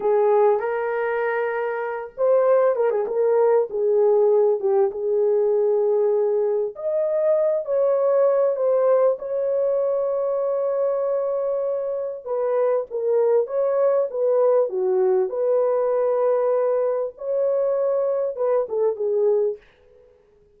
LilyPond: \new Staff \with { instrumentName = "horn" } { \time 4/4 \tempo 4 = 98 gis'4 ais'2~ ais'8 c''8~ | c''8 ais'16 gis'16 ais'4 gis'4. g'8 | gis'2. dis''4~ | dis''8 cis''4. c''4 cis''4~ |
cis''1 | b'4 ais'4 cis''4 b'4 | fis'4 b'2. | cis''2 b'8 a'8 gis'4 | }